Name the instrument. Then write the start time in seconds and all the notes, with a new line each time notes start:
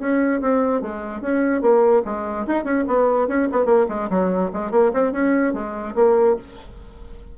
bassoon
0.00 C#4
0.41 C4
0.82 G#3
1.21 C#4
1.62 A#3
2.05 G#3
2.48 D#4
2.65 C#4
2.88 B3
3.28 C#4
3.52 B3
3.66 A#3
3.89 G#3
4.10 F#3
4.54 G#3
4.72 A#3
4.94 C4
5.13 C#4
5.54 G#3
5.96 A#3